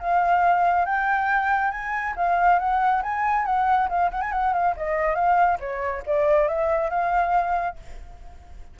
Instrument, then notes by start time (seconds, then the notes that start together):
flute
0.00 F5
0.86 G5
1.71 G#5
2.17 F5
2.59 F#5
3.03 G#5
3.46 F#5
3.89 F5
4.11 F#5
4.22 G#5
4.32 F#5
4.54 F5
4.77 D#5
5.15 F5
5.60 C#5
6.07 D5
6.48 E5
6.90 F5